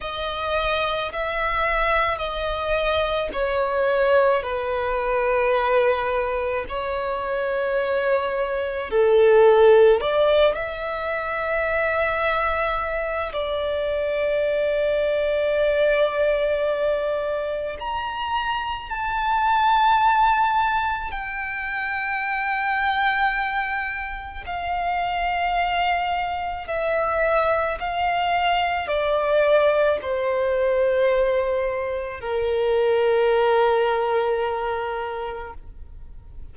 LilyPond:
\new Staff \with { instrumentName = "violin" } { \time 4/4 \tempo 4 = 54 dis''4 e''4 dis''4 cis''4 | b'2 cis''2 | a'4 d''8 e''2~ e''8 | d''1 |
ais''4 a''2 g''4~ | g''2 f''2 | e''4 f''4 d''4 c''4~ | c''4 ais'2. | }